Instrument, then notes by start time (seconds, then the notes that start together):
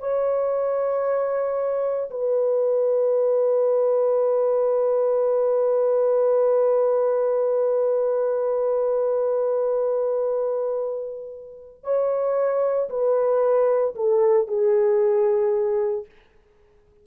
horn
0.00 C#5
2.11 B4
11.84 C#5
12.90 B4
13.96 A4
14.48 G#4